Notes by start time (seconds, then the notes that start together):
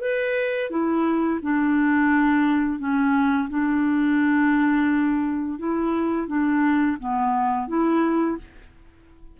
0.00 B4
0.70 E4
1.42 D4
2.78 C#4
3.49 D4
5.58 E4
6.27 D4
6.99 B3
7.67 E4